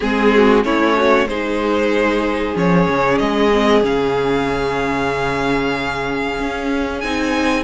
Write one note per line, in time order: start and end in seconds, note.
0.00 0.64 G#3
0.00 0.63 C4
0.00 0.63 G#4
0.00 0.32 G#4
0.35 0.65 F#4
0.63 1.25 A3
0.63 1.27 C#4
0.63 0.96 E4
0.63 1.28 C#5
0.96 1.28 F#4
1.25 2.53 G#3
1.25 2.55 D#4
1.25 7.64 G#4
1.25 2.55 C5
2.55 2.87 F3
2.55 3.51 C#4
2.55 3.18 C#5
2.88 3.20 C#3
3.18 3.83 G#3
3.18 3.82 D#5
3.52 3.83 C4
3.83 6.38 C#3
3.83 7.02 C#4
3.83 6.99 F5
6.39 7.03 C#4
6.99 7.64 C4
6.99 7.64 D#4
6.99 7.63 G#5